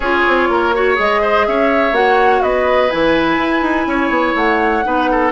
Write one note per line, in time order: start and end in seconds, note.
0.00 0.23 C#4
0.00 0.74 F4
0.00 0.48 G#4
0.00 0.96 C#5
0.27 0.48 C4
0.48 0.97 A#3
0.48 0.75 A#4
0.74 0.95 F#4
0.74 1.21 C#5
0.95 1.47 G#3
0.95 1.92 G#4
0.95 1.46 D#5
1.21 1.46 C5
1.46 1.92 C#4
1.46 2.42 C#5
1.46 1.94 E5
1.92 2.40 A#3
1.92 2.90 F#4
1.92 2.42 F#5
2.42 2.91 B3
2.42 3.87 B4
2.42 2.90 D#5
2.90 3.37 E3
2.90 4.83 E4
2.90 4.35 G#5
3.37 3.61 E4
3.61 3.85 D#4
3.86 4.09 C#4
3.86 4.84 C#5
4.09 4.33 B3
4.35 4.83 A3
4.35 5.32 F#5
4.83 5.32 B3
4.83 5.32 D#4
4.83 5.10 B4
5.11 5.32 A4